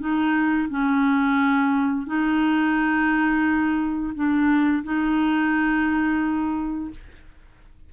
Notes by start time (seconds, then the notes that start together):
0.00 D#4
0.70 C#4
2.07 D#4
4.15 D4
4.84 D#4